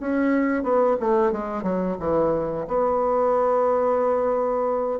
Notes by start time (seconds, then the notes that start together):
0.00 C#4
0.63 B3
1.00 A3
1.32 G#3
1.63 F#3
1.99 E3
2.68 B3